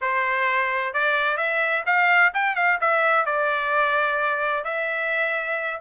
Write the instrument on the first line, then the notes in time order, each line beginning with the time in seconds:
trumpet
0.01 C5
0.93 D5
1.37 E5
1.86 F5
2.34 G5
2.55 F5
2.80 E5
3.25 D5
4.64 E5